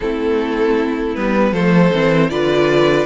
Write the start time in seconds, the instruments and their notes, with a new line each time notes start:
0.00 cello A3, viola C4, violin E4 A4
1.15 cello G3, viola B3, violin B4
1.52 cello F3, viola A3, violin A4 C5
1.92 cello E3, viola C4
2.30 cello D3, viola F4, violin B4 D5